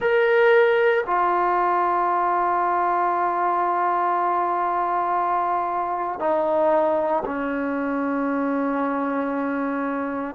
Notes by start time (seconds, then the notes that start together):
0.00 A#4
1.06 F4
6.19 D#4
7.25 C#4